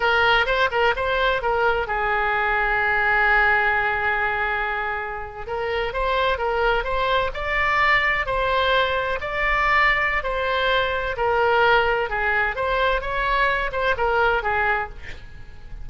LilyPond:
\new Staff \with { instrumentName = "oboe" } { \time 4/4 \tempo 4 = 129 ais'4 c''8 ais'8 c''4 ais'4 | gis'1~ | gis'2.~ gis'8. ais'16~ | ais'8. c''4 ais'4 c''4 d''16~ |
d''4.~ d''16 c''2 d''16~ | d''2 c''2 | ais'2 gis'4 c''4 | cis''4. c''8 ais'4 gis'4 | }